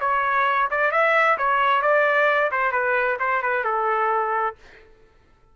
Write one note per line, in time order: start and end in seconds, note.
0.00 0.69 C#5
0.70 0.91 D5
0.91 1.37 E5
1.38 1.82 C#5
1.82 2.50 D5
2.51 2.71 C5
2.71 3.17 B4
3.19 3.42 C5
3.42 3.64 B4
3.64 4.56 A4